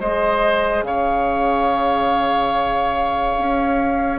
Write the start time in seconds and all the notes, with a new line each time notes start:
0.00 G#3 G#4 C5 D#5
0.82 C#3 C#5 F5
3.37 C#4